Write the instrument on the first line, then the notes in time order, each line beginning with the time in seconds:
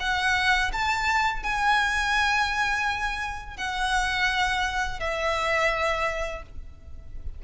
violin
0.00 F#5
0.73 A5
1.43 G#5
3.57 F#5
5.00 E5